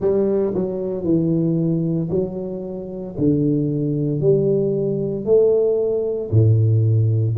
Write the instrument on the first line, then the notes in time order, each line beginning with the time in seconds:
tuba
0.00 G3
0.54 F#3
1.03 E3
2.10 F#3
3.18 D3
4.20 G3
5.25 A3
6.30 A2